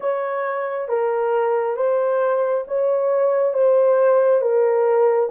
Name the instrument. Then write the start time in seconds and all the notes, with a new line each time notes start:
horn
0.00 C#5
0.88 A#4
1.76 C5
2.67 C#5
3.53 C5
4.41 A#4